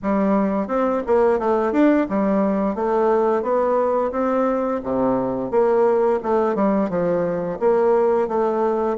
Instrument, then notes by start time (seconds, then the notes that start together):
bassoon
0.02 G3
0.67 C4
1.06 A#3
1.39 A3
1.72 D4
2.09 G3
2.75 A3
3.42 B3
4.11 C4
4.83 C3
5.50 A#3
6.22 A3
6.55 G3
6.89 F3
7.59 A#3
8.28 A3